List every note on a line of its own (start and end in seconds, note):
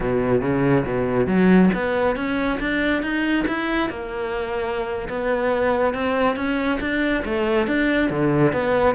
0.00 0.41 B2
0.41 0.84 C#3
0.85 1.27 B2
1.27 1.70 F#3
1.74 2.16 B3
2.16 2.59 C#4
2.59 3.02 D4
3.02 3.45 D#4
3.47 3.89 E4
3.89 5.08 A#3
5.08 5.94 B3
5.94 6.36 C4
6.36 6.79 C#4
6.80 7.23 D4
7.24 7.67 A3
7.67 8.10 D4
8.10 8.52 D3
8.52 8.95 B3